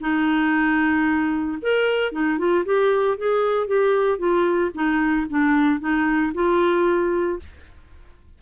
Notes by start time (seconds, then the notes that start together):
0.00 D#4
1.62 A#4
2.12 D#4
2.38 F4
2.65 G4
3.17 G#4
3.67 G4
4.18 F4
4.74 D#4
5.29 D4
5.80 D#4
6.34 F4